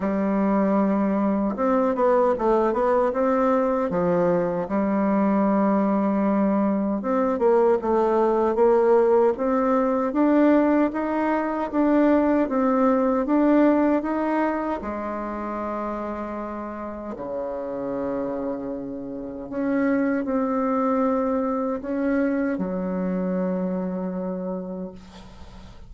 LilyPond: \new Staff \with { instrumentName = "bassoon" } { \time 4/4 \tempo 4 = 77 g2 c'8 b8 a8 b8 | c'4 f4 g2~ | g4 c'8 ais8 a4 ais4 | c'4 d'4 dis'4 d'4 |
c'4 d'4 dis'4 gis4~ | gis2 cis2~ | cis4 cis'4 c'2 | cis'4 fis2. | }